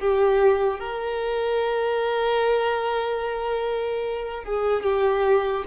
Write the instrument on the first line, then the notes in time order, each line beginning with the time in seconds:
violin
0.00 G4
0.80 A#4
4.44 G#4
4.84 G4